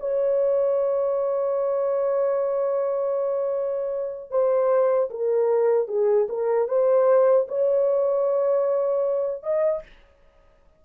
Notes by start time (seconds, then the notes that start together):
0.00 C#5
4.31 C5
5.11 A#4
5.88 G#4
6.29 A#4
6.68 C5
7.49 C#5
9.43 D#5